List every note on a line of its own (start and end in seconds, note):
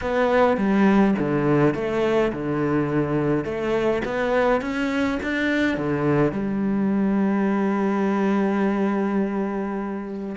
0.01 0.57 B3
0.57 1.14 G3
1.19 1.74 D3
1.74 2.32 A3
2.32 3.44 D3
3.44 4.02 A3
4.04 4.61 B3
4.61 5.18 C#4
5.22 5.77 D4
5.77 6.32 D3
6.32 10.36 G3